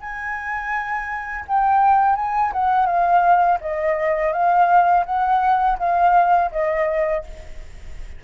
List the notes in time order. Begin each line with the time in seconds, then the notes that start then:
0.00 G#5
1.47 G5
2.16 G#5
2.52 F#5
2.86 F5
3.60 D#5
4.32 F5
5.05 F#5
5.78 F5
6.51 D#5